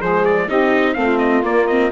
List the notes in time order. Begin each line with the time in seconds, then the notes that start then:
0.00 F3 G#3 G#4 C5
0.25 D5
0.48 C4 D#4 G4 D#5
0.94 A3 C4 F5
1.01 F4
1.19 D#5
1.44 A#3 D5
1.67 C4 D#5